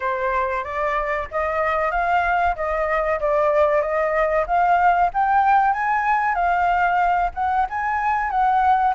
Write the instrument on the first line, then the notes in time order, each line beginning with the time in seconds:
flute
0.00 C5
0.64 D5
1.31 D#5
1.91 F5
2.55 D#5
3.19 D5
3.81 D#5
4.47 F5
5.13 G5
5.73 G#5
6.34 F5
7.34 F#5
7.69 G#5
8.30 F#5